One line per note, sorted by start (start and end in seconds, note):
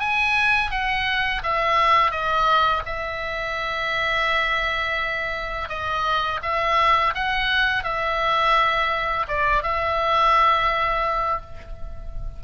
0.00 0.71 G#5
0.71 1.43 F#5
1.44 2.11 E5
2.11 2.83 D#5
2.86 5.69 E5
5.69 6.41 D#5
6.43 7.14 E5
7.15 7.84 F#5
7.84 9.27 E5
9.29 9.63 D5
9.63 11.42 E5